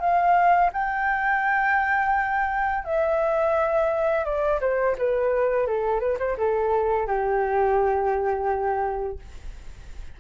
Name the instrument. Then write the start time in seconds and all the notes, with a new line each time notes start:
flute
0.00 F5
0.73 G5
2.85 E5
4.25 D5
4.61 C5
4.98 B4
5.67 A4
6.00 B4
6.20 C5
6.38 A4
7.07 G4